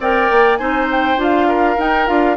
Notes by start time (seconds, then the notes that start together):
0.00 C4 A#4 D5 G5
0.31 A#3
0.58 C4 D#4 C5 G#5
0.92 G5
1.17 D4 F4 F5
1.48 A#4
1.78 D#4 G5
2.07 D4 F4 F5